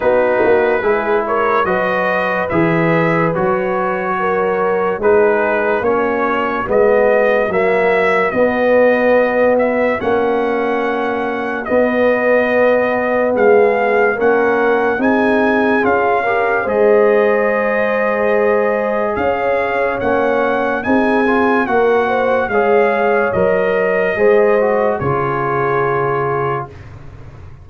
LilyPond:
<<
  \new Staff \with { instrumentName = "trumpet" } { \time 4/4 \tempo 4 = 72 b'4. cis''8 dis''4 e''4 | cis''2 b'4 cis''4 | dis''4 e''4 dis''4. e''8 | fis''2 dis''2 |
f''4 fis''4 gis''4 f''4 | dis''2. f''4 | fis''4 gis''4 fis''4 f''4 | dis''2 cis''2 | }
  \new Staff \with { instrumentName = "horn" } { \time 4/4 fis'4 gis'8 ais'8 b'2~ | b'4 ais'4 gis'4 fis'4~ | fis'1~ | fis'1 |
gis'4 ais'4 gis'4. ais'8 | c''2. cis''4~ | cis''4 gis'4 ais'8 c''8 cis''4~ | cis''4 c''4 gis'2 | }
  \new Staff \with { instrumentName = "trombone" } { \time 4/4 dis'4 e'4 fis'4 gis'4 | fis'2 dis'4 cis'4 | b4 ais4 b2 | cis'2 b2~ |
b4 cis'4 dis'4 f'8 g'8 | gis'1 | cis'4 dis'8 f'8 fis'4 gis'4 | ais'4 gis'8 fis'8 f'2 | }
  \new Staff \with { instrumentName = "tuba" } { \time 4/4 b8 ais8 gis4 fis4 e4 | fis2 gis4 ais4 | gis4 fis4 b2 | ais2 b2 |
gis4 ais4 c'4 cis'4 | gis2. cis'4 | ais4 c'4 ais4 gis4 | fis4 gis4 cis2 | }
>>